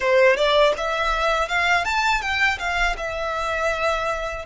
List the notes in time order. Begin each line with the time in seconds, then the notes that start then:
0.00 C5
0.36 D5
0.77 E5
1.48 F5
1.85 A5
2.21 G5
2.59 F5
2.97 E5